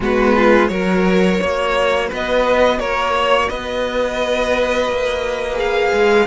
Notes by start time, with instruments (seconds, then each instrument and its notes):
0.00 cello G#3, viola B3, violin F#4 B4
0.35 violin F4
0.67 cello F#3, viola F#4, violin A#4 C#5
1.40 cello A#3, violin C#5
2.08 cello B3, violin B4 D#5
2.79 cello A#3, violin A#4 C#5
3.15 violin C#5
3.48 cello B3, violin B4 D#5
4.87 cello A#3
5.54 viola G#4, violin F5
5.92 cello G#3